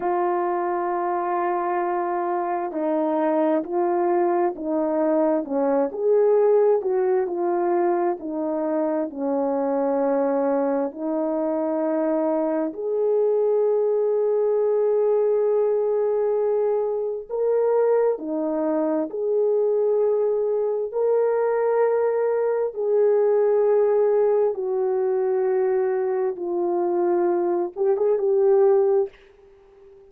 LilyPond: \new Staff \with { instrumentName = "horn" } { \time 4/4 \tempo 4 = 66 f'2. dis'4 | f'4 dis'4 cis'8 gis'4 fis'8 | f'4 dis'4 cis'2 | dis'2 gis'2~ |
gis'2. ais'4 | dis'4 gis'2 ais'4~ | ais'4 gis'2 fis'4~ | fis'4 f'4. g'16 gis'16 g'4 | }